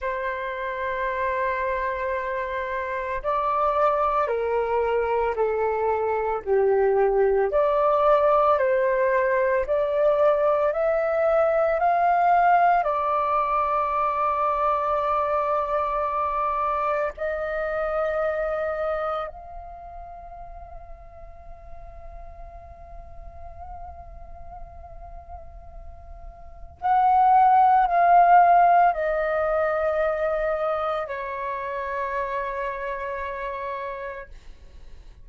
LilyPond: \new Staff \with { instrumentName = "flute" } { \time 4/4 \tempo 4 = 56 c''2. d''4 | ais'4 a'4 g'4 d''4 | c''4 d''4 e''4 f''4 | d''1 |
dis''2 f''2~ | f''1~ | f''4 fis''4 f''4 dis''4~ | dis''4 cis''2. | }